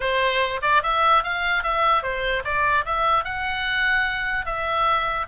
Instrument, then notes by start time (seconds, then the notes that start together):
oboe
0.00 C5
0.62 D5
0.83 E5
1.23 F5
1.63 E5
2.02 C5
2.44 D5
2.85 E5
3.24 F#5
4.45 E5